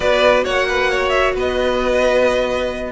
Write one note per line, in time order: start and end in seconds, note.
0.00 0.44 B3
0.00 2.91 F#4
0.00 0.43 B4
0.00 0.44 D5
0.43 1.35 A#3
0.43 0.66 C#5
0.43 1.09 F#5
0.68 0.91 B4
0.91 1.34 C#5
1.09 1.31 E5
1.34 2.91 B3
1.34 2.91 B4
1.34 2.91 D#5